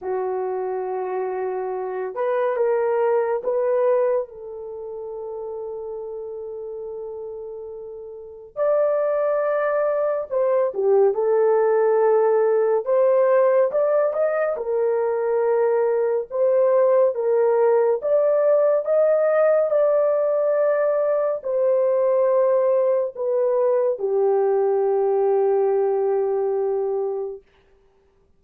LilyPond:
\new Staff \with { instrumentName = "horn" } { \time 4/4 \tempo 4 = 70 fis'2~ fis'8 b'8 ais'4 | b'4 a'2.~ | a'2 d''2 | c''8 g'8 a'2 c''4 |
d''8 dis''8 ais'2 c''4 | ais'4 d''4 dis''4 d''4~ | d''4 c''2 b'4 | g'1 | }